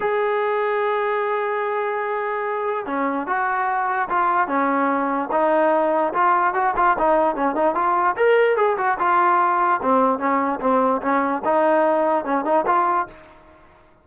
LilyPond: \new Staff \with { instrumentName = "trombone" } { \time 4/4 \tempo 4 = 147 gis'1~ | gis'2. cis'4 | fis'2 f'4 cis'4~ | cis'4 dis'2 f'4 |
fis'8 f'8 dis'4 cis'8 dis'8 f'4 | ais'4 gis'8 fis'8 f'2 | c'4 cis'4 c'4 cis'4 | dis'2 cis'8 dis'8 f'4 | }